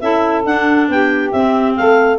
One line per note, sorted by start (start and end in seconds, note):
0.00 0.45 C#4
0.00 0.45 E4
0.00 0.89 A4
0.00 0.44 E5
0.45 0.89 D4
0.45 1.33 D4
0.45 0.90 F#5
0.89 1.32 B3
0.89 1.77 G4
0.89 1.31 G5
1.31 1.77 C4
1.31 2.19 C4
1.31 1.75 E5
1.76 2.19 A3
1.76 2.19 A4
1.76 2.19 F5